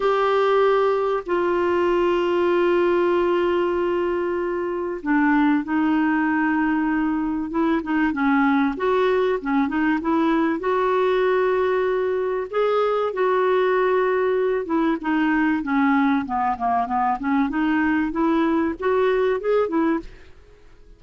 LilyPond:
\new Staff \with { instrumentName = "clarinet" } { \time 4/4 \tempo 4 = 96 g'2 f'2~ | f'1 | d'4 dis'2. | e'8 dis'8 cis'4 fis'4 cis'8 dis'8 |
e'4 fis'2. | gis'4 fis'2~ fis'8 e'8 | dis'4 cis'4 b8 ais8 b8 cis'8 | dis'4 e'4 fis'4 gis'8 e'8 | }